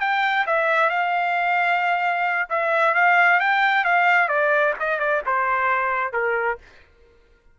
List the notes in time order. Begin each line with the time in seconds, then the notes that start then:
0.00 G5
0.46 E5
0.89 F5
2.49 E5
2.94 F5
3.40 G5
3.84 F5
4.28 D5
4.80 D#5
4.99 D5
5.26 C5
6.13 A#4